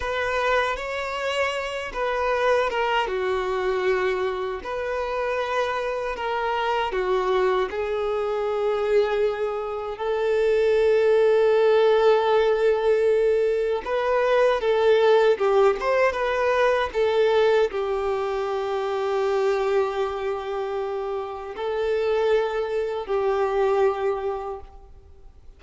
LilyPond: \new Staff \with { instrumentName = "violin" } { \time 4/4 \tempo 4 = 78 b'4 cis''4. b'4 ais'8 | fis'2 b'2 | ais'4 fis'4 gis'2~ | gis'4 a'2.~ |
a'2 b'4 a'4 | g'8 c''8 b'4 a'4 g'4~ | g'1 | a'2 g'2 | }